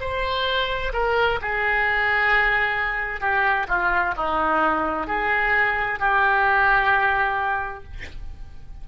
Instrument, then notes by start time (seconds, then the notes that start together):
oboe
0.00 C5
0.93 A#4
1.41 G#4
3.20 G4
3.68 F4
4.17 D#4
5.07 G#4
5.99 G4